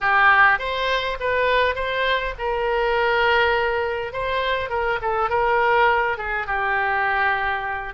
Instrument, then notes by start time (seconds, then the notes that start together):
oboe
0.00 G4
0.58 C5
1.20 B4
1.75 C5
2.38 A#4
4.12 C5
4.69 A#4
5.01 A4
5.29 A#4
6.17 G#4
6.47 G4